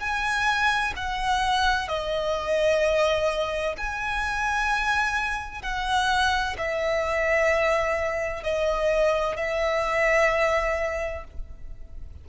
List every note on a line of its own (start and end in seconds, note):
0.00 0.94 G#5
0.96 1.88 F#5
1.88 3.76 D#5
3.78 5.62 G#5
5.62 6.56 F#5
6.58 8.44 E5
8.44 9.37 D#5
9.37 11.24 E5